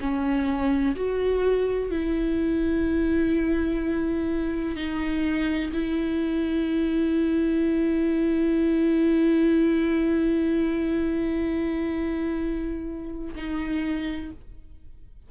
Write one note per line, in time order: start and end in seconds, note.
0.00 0.95 C#4
0.96 1.90 F#4
1.90 4.76 E4
4.76 5.71 D#4
5.73 13.35 E4
13.35 14.31 D#4